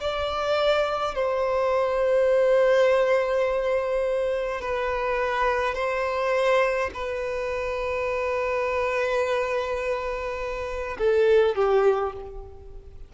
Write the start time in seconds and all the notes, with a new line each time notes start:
0.00 D5
1.15 C5
4.61 B4
5.74 C5
6.93 B4
10.98 A4
11.55 G4